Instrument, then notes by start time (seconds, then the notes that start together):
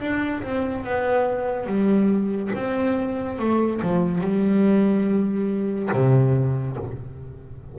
double bass
0.00 D4
0.43 C4
0.84 B3
1.66 G3
2.55 C4
3.39 A3
3.82 F3
4.21 G3
5.92 C3